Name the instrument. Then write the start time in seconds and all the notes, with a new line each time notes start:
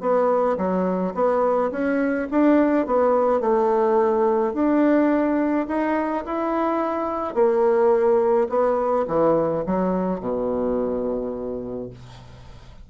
bassoon
0.00 B3
0.57 F#3
1.14 B3
1.71 C#4
2.31 D4
2.86 B3
3.40 A3
4.54 D4
5.67 D#4
6.25 E4
7.34 A#3
8.49 B3
9.07 E3
9.66 F#3
10.20 B2